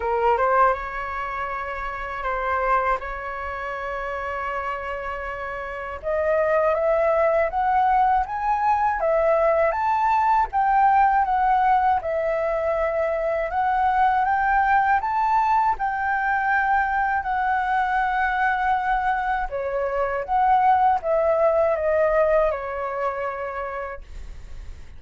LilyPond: \new Staff \with { instrumentName = "flute" } { \time 4/4 \tempo 4 = 80 ais'8 c''8 cis''2 c''4 | cis''1 | dis''4 e''4 fis''4 gis''4 | e''4 a''4 g''4 fis''4 |
e''2 fis''4 g''4 | a''4 g''2 fis''4~ | fis''2 cis''4 fis''4 | e''4 dis''4 cis''2 | }